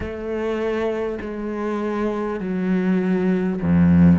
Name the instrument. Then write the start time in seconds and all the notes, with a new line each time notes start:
cello
0.00 A3
1.21 G#3
2.40 F#3
3.62 F2